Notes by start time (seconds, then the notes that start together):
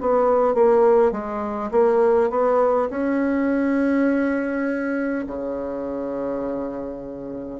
0.00 B3
0.54 A#3
1.11 G#3
1.71 A#3
2.30 B3
2.89 C#4
5.27 C#3